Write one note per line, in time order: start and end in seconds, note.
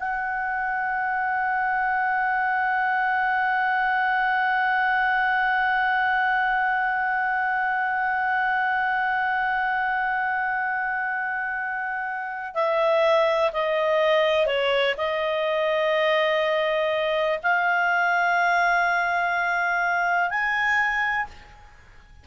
0.00 12.55 F#5
12.55 13.51 E5
13.53 14.47 D#5
14.47 14.95 C#5
14.97 17.39 D#5
17.43 20.30 F5
20.30 21.27 G#5